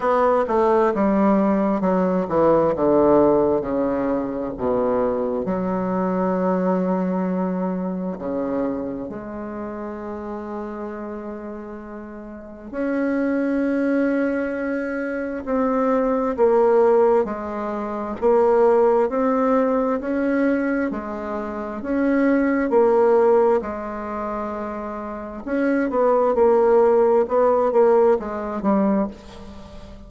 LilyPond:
\new Staff \with { instrumentName = "bassoon" } { \time 4/4 \tempo 4 = 66 b8 a8 g4 fis8 e8 d4 | cis4 b,4 fis2~ | fis4 cis4 gis2~ | gis2 cis'2~ |
cis'4 c'4 ais4 gis4 | ais4 c'4 cis'4 gis4 | cis'4 ais4 gis2 | cis'8 b8 ais4 b8 ais8 gis8 g8 | }